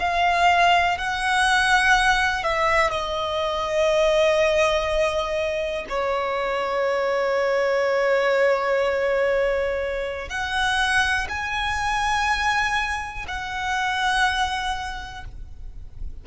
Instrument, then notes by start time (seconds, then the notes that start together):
violin
0.00 F5
0.98 F#5
2.44 E5
2.91 D#5
5.89 C#5
10.29 F#5
11.29 G#5
13.28 F#5